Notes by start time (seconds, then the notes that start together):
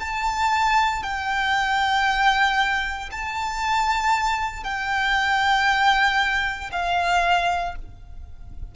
0.00 A5
1.03 G5
3.11 A5
4.64 G5
6.72 F5